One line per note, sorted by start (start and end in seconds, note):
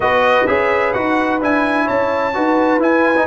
0.00 0.46 B3
0.00 0.47 F#4
0.00 1.84 B4
0.00 0.46 D#5
0.46 0.94 C#4
0.46 0.93 G#4
0.46 0.93 E5
0.93 1.41 D#4
0.93 1.40 F#4
0.93 1.40 F#5
1.41 1.88 D4
1.41 2.33 E4
1.41 1.87 G#5
1.84 2.36 C#4
1.84 2.31 C#5
1.84 2.81 A5
2.33 2.78 D#4
2.33 2.80 F#4
2.33 3.26 B4
2.78 3.25 E4
2.78 3.15 E4
2.78 3.26 G#5
3.16 3.26 D#4